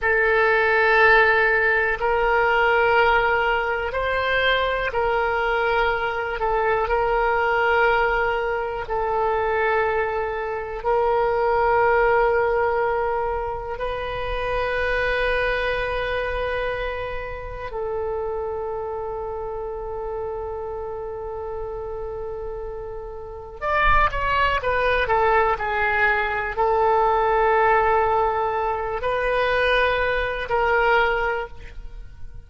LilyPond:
\new Staff \with { instrumentName = "oboe" } { \time 4/4 \tempo 4 = 61 a'2 ais'2 | c''4 ais'4. a'8 ais'4~ | ais'4 a'2 ais'4~ | ais'2 b'2~ |
b'2 a'2~ | a'1 | d''8 cis''8 b'8 a'8 gis'4 a'4~ | a'4. b'4. ais'4 | }